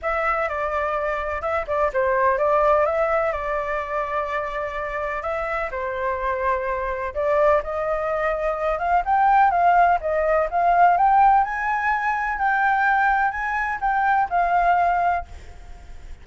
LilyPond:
\new Staff \with { instrumentName = "flute" } { \time 4/4 \tempo 4 = 126 e''4 d''2 e''8 d''8 | c''4 d''4 e''4 d''4~ | d''2. e''4 | c''2. d''4 |
dis''2~ dis''8 f''8 g''4 | f''4 dis''4 f''4 g''4 | gis''2 g''2 | gis''4 g''4 f''2 | }